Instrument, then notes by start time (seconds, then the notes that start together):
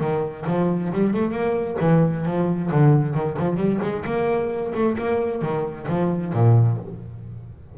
double bass
0.00 D#3
0.46 F3
0.92 G3
1.13 A3
1.31 A#3
1.80 E3
2.25 F3
2.71 D3
3.15 D#3
3.39 F3
3.56 G3
3.82 G#3
4.05 A#3
4.74 A3
4.98 A#3
5.41 D#3
5.89 F3
6.33 A#2